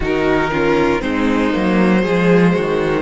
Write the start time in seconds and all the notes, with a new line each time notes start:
0.00 D#3 D#4 F#4 A#4
0.51 C#4 F4
1.00 G#3 C4 D#4 C5
1.51 F#3 A#3
2.01 F3 G#3 G#4
2.54 D#3 F#4